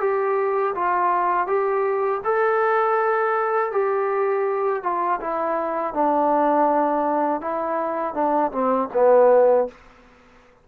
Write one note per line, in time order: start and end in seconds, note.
0.00 0.74 G4
0.75 1.47 F4
1.47 2.21 G4
2.24 3.72 A4
3.72 4.83 G4
4.83 5.20 F4
5.21 5.94 E4
5.94 7.41 D4
7.41 8.14 E4
8.14 8.51 D4
8.52 8.89 C4
8.93 9.67 B3